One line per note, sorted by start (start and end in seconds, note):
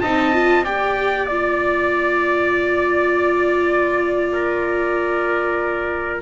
0.00 0.66 C4
0.00 0.32 D#4
0.00 0.64 D#5
0.00 0.64 A5
0.32 0.64 F4
0.64 6.22 A#3
0.64 1.29 G4
0.64 4.31 D5
0.64 1.26 G5
1.26 6.22 F4
1.26 6.20 D5
4.32 6.22 A#4